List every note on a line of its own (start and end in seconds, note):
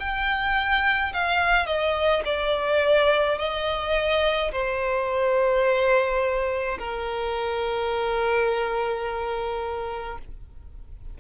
0.00 1.13 G5
1.14 1.66 F5
1.66 2.23 D#5
2.25 3.39 D5
3.39 4.52 D#5
4.52 6.79 C5
6.79 10.18 A#4